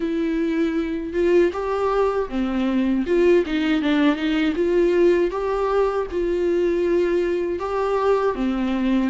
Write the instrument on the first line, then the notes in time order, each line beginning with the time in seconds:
viola
0.00 E4
1.13 F4
1.53 G4
2.29 C4
3.06 F4
3.46 D#4
3.81 D4
4.15 D#4
4.55 F4
5.30 G4
6.11 F4
7.59 G4
8.35 C4